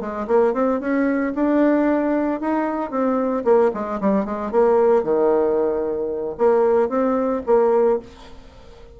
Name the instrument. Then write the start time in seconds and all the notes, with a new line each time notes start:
bassoon
0.00 G#3
0.27 A#3
0.53 C4
0.80 C#4
1.35 D4
2.40 D#4
2.90 C4
3.44 A#3
3.73 G#3
4.00 G3
4.25 G#3
4.51 A#3
5.03 D#3
6.38 A#3
6.89 C4
7.46 A#3